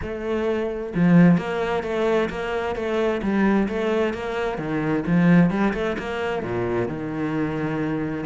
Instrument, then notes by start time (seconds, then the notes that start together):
cello
0.02 A3
0.94 F3
1.37 A#3
1.83 A3
2.29 A#3
2.75 A3
3.22 G3
3.68 A3
4.13 A#3
4.58 D#3
5.06 F3
5.50 G3
5.73 A3
5.98 A#3
6.42 A#2
6.87 D#3